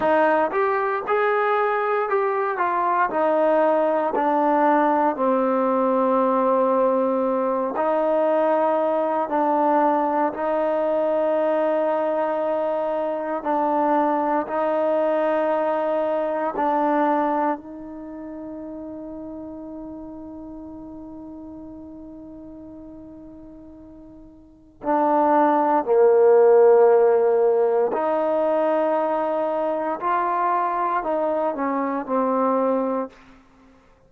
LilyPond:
\new Staff \with { instrumentName = "trombone" } { \time 4/4 \tempo 4 = 58 dis'8 g'8 gis'4 g'8 f'8 dis'4 | d'4 c'2~ c'8 dis'8~ | dis'4 d'4 dis'2~ | dis'4 d'4 dis'2 |
d'4 dis'2.~ | dis'1 | d'4 ais2 dis'4~ | dis'4 f'4 dis'8 cis'8 c'4 | }